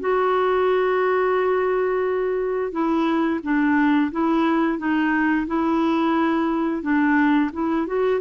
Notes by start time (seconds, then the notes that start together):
0.00 F#4
2.72 E4
3.43 D4
4.12 E4
4.79 D#4
5.47 E4
6.82 D4
7.53 E4
7.87 F#4